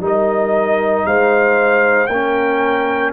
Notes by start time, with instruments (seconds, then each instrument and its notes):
0.00 tuba G3, trombone D#4, horn A#4, trumpet D#5
1.05 tuba G#3, horn C5, trumpet F5
2.07 tuba A#3, horn A#4, trumpet G5
2.13 trombone C#4